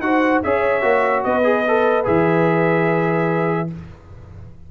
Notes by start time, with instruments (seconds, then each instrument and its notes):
0.00 tuba D#4, trombone F#4, horn C5, trumpet F#5
0.43 tuba C#4, trombone G#4, horn C#5, trumpet E5
0.82 tuba A#3, trombone F#4
1.24 tuba B3, horn B4, trumpet D#5
1.44 trombone G#4
1.68 trombone A4
2.05 tuba E3, trombone G#4, trumpet E5